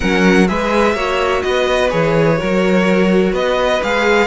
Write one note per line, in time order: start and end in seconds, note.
0.00 0.50 F#3
0.00 0.46 C#4
0.00 0.47 A#4
0.00 0.47 F#5
0.47 0.94 G#3
0.47 0.95 G#4
0.47 0.94 B4
0.47 1.42 E5
0.94 1.42 A#3
0.94 1.89 F#4
0.94 1.42 C#5
1.42 1.92 B3
1.42 2.38 B4
1.42 1.90 D#5
1.89 2.40 E3
1.89 2.37 G#4
1.89 3.33 C#5
2.37 3.32 F#3
2.37 3.79 F#4
2.37 3.32 A#4
3.32 3.80 B3
3.32 4.27 B4
3.32 3.82 D#5
3.83 4.27 G#3
3.83 4.27 G#4
3.83 4.27 F5